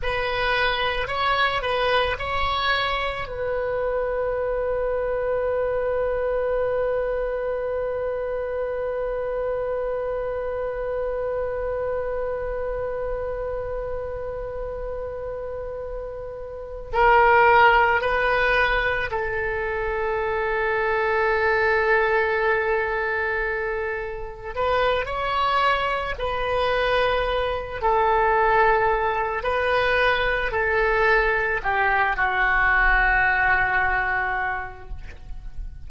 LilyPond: \new Staff \with { instrumentName = "oboe" } { \time 4/4 \tempo 4 = 55 b'4 cis''8 b'8 cis''4 b'4~ | b'1~ | b'1~ | b'2.~ b'8 ais'8~ |
ais'8 b'4 a'2~ a'8~ | a'2~ a'8 b'8 cis''4 | b'4. a'4. b'4 | a'4 g'8 fis'2~ fis'8 | }